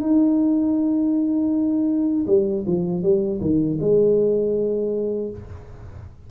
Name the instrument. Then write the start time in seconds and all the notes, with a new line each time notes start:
tuba
0.00 D#4
2.26 G3
2.66 F3
3.02 G3
3.41 D#3
3.80 G#3